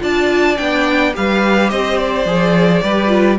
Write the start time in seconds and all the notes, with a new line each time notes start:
0.00 D4 F4 D5 A5
0.57 B3 D4 G5
1.14 G3 G4 B4 F5
1.70 C4 C5 D#5
1.98 D5
2.26 F3 G#4
2.83 G3 G4 B4
3.08 F4